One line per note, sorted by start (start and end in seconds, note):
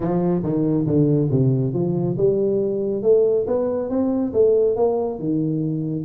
0.00 0.42 F3
0.43 0.86 D#3
0.86 1.29 D3
1.30 1.73 C3
1.73 2.16 F3
2.17 3.02 G3
3.02 3.45 A3
3.46 3.89 B3
3.89 4.32 C4
4.33 4.76 A3
4.76 5.19 A#3
5.19 6.04 D#3